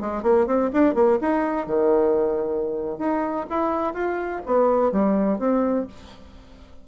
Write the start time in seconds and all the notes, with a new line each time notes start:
0.00 G#3
0.22 A#3
0.46 C4
0.73 D4
0.94 A#3
1.21 D#4
1.66 D#3
2.98 D#4
3.50 E4
3.93 F4
4.46 B3
4.92 G3
5.38 C4